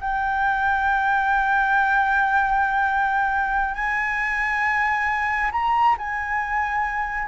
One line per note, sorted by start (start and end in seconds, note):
0.00 3.74 G5
3.74 5.51 G#5
5.51 5.95 A#5
5.97 7.27 G#5